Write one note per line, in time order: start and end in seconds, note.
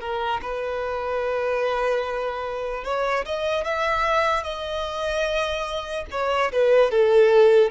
0.00 0.41 A#4
0.41 2.84 B4
2.84 3.25 C#5
3.25 3.64 D#5
3.64 4.43 E5
4.43 6.05 D#5
6.11 6.51 C#5
6.52 6.91 B4
6.91 7.71 A4